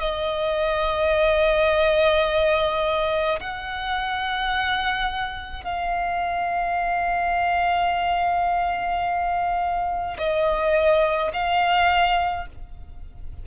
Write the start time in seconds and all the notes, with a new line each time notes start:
0.00 D#5
3.40 F#5
5.64 F5
10.18 D#5
11.34 F5